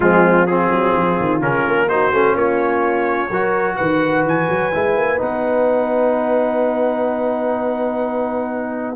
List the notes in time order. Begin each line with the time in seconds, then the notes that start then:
0.00 F3 G#3 C4 F4
0.46 C4 F4 G#4
0.71 F#3
0.95 F3
1.20 D#3
1.40 C#3 C#4 A#4
1.66 A#3
1.88 D#4 F#4 C5
2.12 A3 C#4
2.34 A#3 F4 C#5
3.30 F#3 F#4 A#4
3.76 D#3 B4 F#5
4.24 E3 G#5
4.49 F#3
4.73 G#3 E4
4.96 A#3
5.18 B3 D#4 F#5